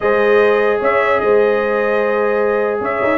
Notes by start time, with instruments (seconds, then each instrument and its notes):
0.00 tuba G#3, trombone G#4, horn C5, trumpet D#5
0.79 tuba C#4, horn C#5, trumpet E5
1.19 tuba G#3, horn C5, trumpet D#5
2.80 tuba C#4, horn C#5, trumpet E5
3.03 tuba D#4